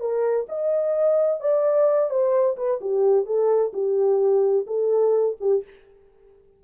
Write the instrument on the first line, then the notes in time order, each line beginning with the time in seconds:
horn
0.00 A#4
0.49 D#5
1.40 D5
2.10 C5
2.57 B4
2.81 G4
3.25 A4
3.73 G4
4.67 A4
5.40 G4